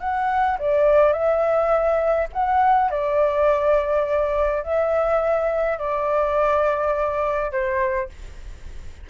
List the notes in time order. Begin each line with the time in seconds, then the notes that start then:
0.00 F#5
0.59 D5
1.12 E5
2.33 F#5
2.90 D5
4.63 E5
5.78 D5
7.52 C5